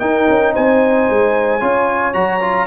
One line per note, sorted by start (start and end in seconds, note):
0.00 1.61 D#4
0.00 0.28 D#4
0.00 0.54 A#4
0.00 0.54 G5
0.29 0.56 C#4
0.54 1.10 C4
0.54 1.60 C5
0.54 2.14 G#5
1.10 1.62 G#3
1.60 2.15 C#4
1.60 2.14 F4
1.60 2.67 C#5
2.14 2.67 F#3
2.14 2.41 F#4
2.14 2.67 A#5
2.41 2.67 F4